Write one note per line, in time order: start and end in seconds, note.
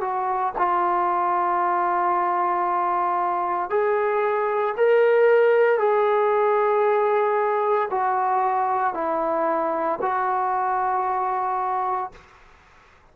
0.00 0.53 F#4
0.57 3.69 F4
3.69 4.75 G#4
4.77 5.78 A#4
5.78 7.89 G#4
7.90 8.93 F#4
8.93 9.99 E4
10.01 12.11 F#4